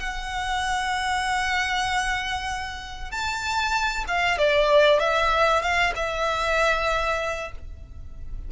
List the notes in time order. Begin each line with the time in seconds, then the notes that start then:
0.00 F#5
3.12 A5
4.08 F5
4.39 D5
5.00 E5
5.62 F5
5.96 E5